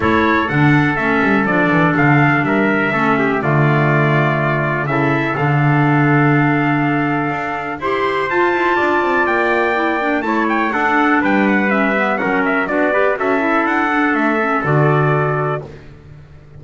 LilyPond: <<
  \new Staff \with { instrumentName = "trumpet" } { \time 4/4 \tempo 4 = 123 cis''4 fis''4 e''4 d''4 | f''4 e''2 d''4~ | d''2 e''4 f''4~ | f''1 |
c'''4 a''2 g''4~ | g''4 a''8 g''8 fis''4 g''8 fis''8 | e''4 fis''8 e''8 d''4 e''4 | fis''4 e''4 d''2 | }
  \new Staff \with { instrumentName = "trumpet" } { \time 4/4 a'1~ | a'4 ais'4 a'8 g'8 f'4~ | f'2 a'2~ | a'1 |
c''2 d''2~ | d''4 cis''4 a'4 b'4~ | b'4 ais'4 fis'8 b'8 a'4~ | a'1 | }
  \new Staff \with { instrumentName = "clarinet" } { \time 4/4 e'4 d'4 cis'4 d'4~ | d'2 cis'4 a4~ | a2 e'4 d'4~ | d'1 |
g'4 f'2. | e'8 d'8 e'4 d'2 | cis'8 b8 cis'4 d'8 g'8 fis'8 e'8~ | e'8 d'4 cis'8 fis'2 | }
  \new Staff \with { instrumentName = "double bass" } { \time 4/4 a4 d4 a8 g8 f8 e8 | d4 g4 a4 d4~ | d2 cis4 d4~ | d2. d'4 |
e'4 f'8 e'8 d'8 c'8 ais4~ | ais4 a4 d'4 g4~ | g4 fis4 b4 cis'4 | d'4 a4 d2 | }
>>